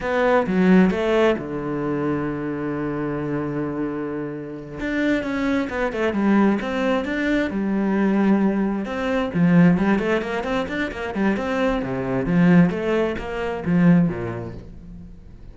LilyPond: \new Staff \with { instrumentName = "cello" } { \time 4/4 \tempo 4 = 132 b4 fis4 a4 d4~ | d1~ | d2~ d8 d'4 cis'8~ | cis'8 b8 a8 g4 c'4 d'8~ |
d'8 g2. c'8~ | c'8 f4 g8 a8 ais8 c'8 d'8 | ais8 g8 c'4 c4 f4 | a4 ais4 f4 ais,4 | }